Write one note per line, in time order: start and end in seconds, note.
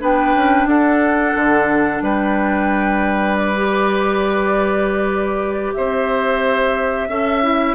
0.00 0.35 B3
0.00 3.54 D4
0.00 0.69 B4
0.00 0.68 G5
0.36 0.66 C#4
0.66 1.34 D4
0.66 2.04 A4
0.66 2.03 F#5
1.36 2.02 D3
2.02 5.73 G3
2.02 5.74 B4
2.02 3.37 G5
3.37 5.73 D5
3.57 7.10 G4
5.74 7.09 C4
5.74 7.09 C5
5.74 7.75 E5
7.09 7.75 C#4
7.09 7.43 A4
7.09 7.75 E5
7.43 7.75 E4